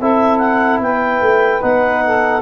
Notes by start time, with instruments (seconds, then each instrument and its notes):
0.00 tuba C4, trombone E4, saxophone A4, clarinet E5
0.37 clarinet F#5
0.80 tuba B3, saxophone B4, clarinet G5
1.21 tuba A3
1.61 tuba B3, trombone D#4, clarinet F#5
2.04 saxophone A4